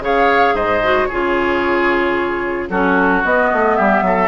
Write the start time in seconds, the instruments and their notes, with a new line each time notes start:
0.00 bassoon C#3, clarinet G#4, oboe C#5, flute F5
0.55 bassoon G#2, oboe C5, flute D#5
0.83 clarinet F#4
1.06 oboe G#4, flute C#5
1.12 bassoon C#3, clarinet F4
2.70 bassoon F#3, clarinet C#4, oboe F#4, flute A4
3.25 clarinet B3, bassoon B3, flute D#5
3.53 bassoon A3
3.76 bassoon G3, oboe G4, flute E5
4.02 bassoon F#3, oboe A4